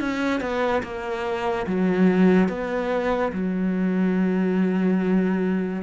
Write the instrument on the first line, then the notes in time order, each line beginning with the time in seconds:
cello
0.00 C#4
0.41 B3
0.83 A#3
1.67 F#3
2.49 B3
3.33 F#3